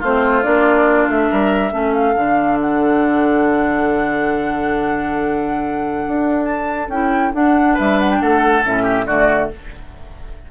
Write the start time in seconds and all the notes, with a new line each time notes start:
0.00 A3 C4 F4 C5
0.43 A#3 D4 D5
1.08 A3 E5
1.31 G3 A#4
1.72 A3 C#4 A4
1.94 F5
2.16 D3 D4
2.61 F#5
6.08 D4
6.45 A5
6.88 C#4 E4 G5
7.33 D4 F#5
7.74 G3 B4 E5
8.00 F#5
8.11 G5
8.21 A3 A4 F#5
8.63 A2 C#4 E5
8.83 G4
9.07 D3 A3 F#4 D5